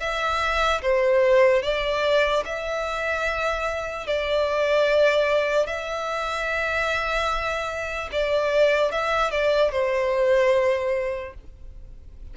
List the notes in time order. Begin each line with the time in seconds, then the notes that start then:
0.00 E5
0.82 C5
1.63 D5
2.45 E5
4.07 D5
5.66 E5
8.12 D5
8.92 E5
9.31 D5
9.72 C5